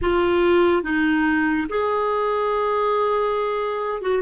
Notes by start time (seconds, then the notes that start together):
0.01 F4
0.82 D#4
1.69 G#4
4.01 F#4